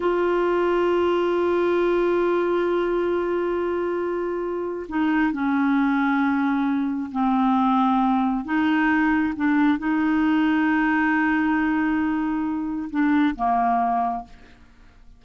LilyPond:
\new Staff \with { instrumentName = "clarinet" } { \time 4/4 \tempo 4 = 135 f'1~ | f'1~ | f'2. dis'4 | cis'1 |
c'2. dis'4~ | dis'4 d'4 dis'2~ | dis'1~ | dis'4 d'4 ais2 | }